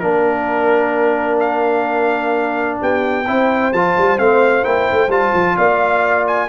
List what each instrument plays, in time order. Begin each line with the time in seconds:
0.00 tuba A#3, trombone D4, trumpet A#4, horn A#4
1.40 trumpet F5
2.81 tuba B3, horn G4, trumpet G5
3.26 tuba C4, trombone E4, horn C5
3.73 tuba F3, trombone F4, trumpet A5
3.98 tuba G3
4.18 tuba A3, trombone C4, trumpet F5
4.63 tuba A#3, trombone E4, trumpet G5
4.92 tuba A3
5.09 tuba G3, trombone F4, trumpet A5
5.34 tuba F3
5.57 tuba A#3, horn D5, trumpet F5
6.28 trumpet G#5